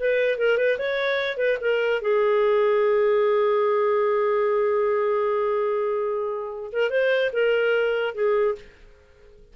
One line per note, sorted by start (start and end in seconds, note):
0.00 0.39 B4
0.39 0.58 A#4
0.58 0.78 B4
0.79 1.38 C#5
1.38 1.58 B4
1.61 2.02 A#4
2.02 6.71 G#4
6.73 6.90 A#4
6.90 7.31 C5
7.33 8.15 A#4
8.15 8.55 G#4